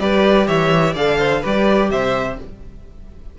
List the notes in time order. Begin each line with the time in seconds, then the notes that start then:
0.00 G3 G4 B4 D5
0.47 E3 C#5 E5
0.94 D3 A4 D5 F5
1.19 C5
1.42 G3 G4 B4 D5
1.91 C3 C5 E5